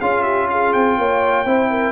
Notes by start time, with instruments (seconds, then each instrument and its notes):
0.00 tuba C#4, trombone F4, horn G#4, trumpet F5
0.23 horn G4, trumpet E5
0.50 horn G#4, trumpet F5
0.73 tuba C4, trumpet G5
0.98 tuba A#3, horn C#5
1.45 tuba C4, trombone E4, horn C5
1.70 horn A#4